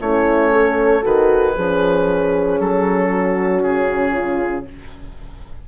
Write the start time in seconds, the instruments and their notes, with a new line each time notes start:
0.00 bassoon A3, horn C#4 E4, oboe C#5
0.51 horn A4
1.02 bassoon D#3, horn F#4, oboe B4
1.55 bassoon F3, horn C#4 G#4
2.60 bassoon F#3, oboe A4
3.09 horn F#4
3.62 bassoon C#3, oboe G#4
4.12 horn F4